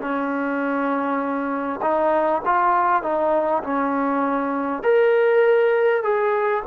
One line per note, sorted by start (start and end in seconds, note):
0.00 1.80 C#4
1.82 2.42 D#4
2.45 3.02 F4
3.02 3.62 D#4
3.63 4.83 C#4
4.83 6.03 A#4
6.03 6.63 G#4